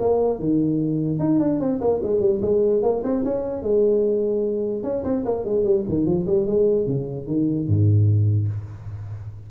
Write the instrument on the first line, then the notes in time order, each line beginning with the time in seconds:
tuba
0.00 A#3
0.39 D#3
1.20 D#4
1.40 D4
1.61 C4
1.81 A#3
2.03 G#3
2.21 G3
2.42 G#3
2.83 A#3
3.04 C4
3.25 C#4
3.63 G#3
4.84 C#4
5.04 C4
5.26 A#3
5.45 G#3
5.64 G3
5.89 D#3
6.06 F3
6.27 G3
6.47 G#3
6.87 C#3
7.27 D#3
7.68 G#2